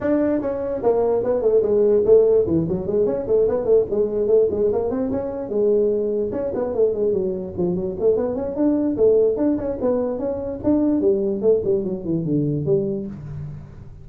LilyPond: \new Staff \with { instrumentName = "tuba" } { \time 4/4 \tempo 4 = 147 d'4 cis'4 ais4 b8 a8 | gis4 a4 e8 fis8 gis8 cis'8 | a8 b8 a8 gis4 a8 gis8 ais8 | c'8 cis'4 gis2 cis'8 |
b8 a8 gis8 fis4 f8 fis8 a8 | b8 cis'8 d'4 a4 d'8 cis'8 | b4 cis'4 d'4 g4 | a8 g8 fis8 e8 d4 g4 | }